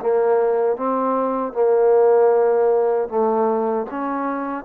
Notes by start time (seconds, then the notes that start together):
0.00 A#3
0.77 C4
1.53 A#3
3.09 A3
3.90 C#4